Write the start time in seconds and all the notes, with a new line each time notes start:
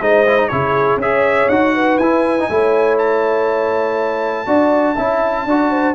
0.00 G#3 D#4 C5 D#5
0.26 E4
0.38 D#4
0.48 C#3 E4 G#4 C#5
0.96 C#4 G#4 C#5 E5
1.48 D#4 F#4 F#5
1.73 B4
1.97 E4 G#5
2.39 D#4
2.50 A3 E4 C#5
2.98 A5
4.46 D4 F#4 D5
4.95 C#4 E4 E5
5.45 D4 F#4 D5
5.70 C5